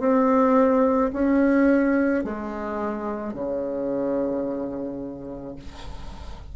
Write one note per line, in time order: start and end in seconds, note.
0.00 1.11 C4
1.13 2.24 C#4
2.24 3.34 G#3
3.34 5.56 C#3